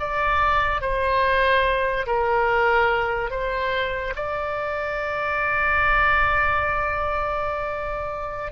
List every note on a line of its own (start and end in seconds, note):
0.00 0.81 D5
0.81 2.06 C5
2.07 3.31 A#4
3.31 4.14 C5
4.16 8.52 D5